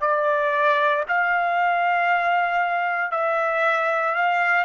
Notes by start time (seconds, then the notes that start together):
0.00 D5
1.08 F5
3.11 E5
4.15 F5